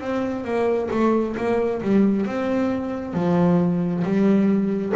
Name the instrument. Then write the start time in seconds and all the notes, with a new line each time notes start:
double bass
0.00 C4
0.44 A#3
0.91 A3
1.36 A#3
1.82 G3
2.26 C4
3.13 F3
4.03 G3